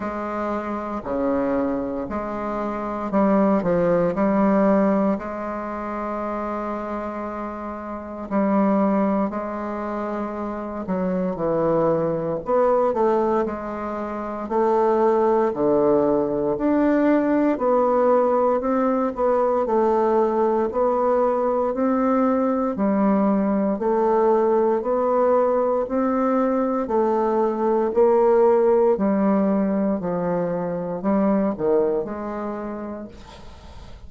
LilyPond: \new Staff \with { instrumentName = "bassoon" } { \time 4/4 \tempo 4 = 58 gis4 cis4 gis4 g8 f8 | g4 gis2. | g4 gis4. fis8 e4 | b8 a8 gis4 a4 d4 |
d'4 b4 c'8 b8 a4 | b4 c'4 g4 a4 | b4 c'4 a4 ais4 | g4 f4 g8 dis8 gis4 | }